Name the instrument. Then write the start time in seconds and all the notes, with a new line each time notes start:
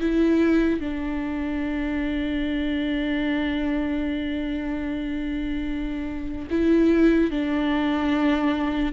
viola
0.00 E4
0.80 D4
6.50 E4
7.31 D4